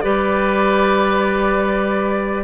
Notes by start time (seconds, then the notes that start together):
0.00 G3 G4 B4 D5